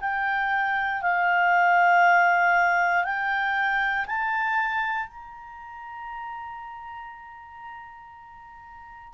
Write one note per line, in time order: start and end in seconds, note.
0.00 1.02 G5
1.02 3.04 F5
3.04 4.05 G5
4.06 5.07 A5
5.07 9.13 A#5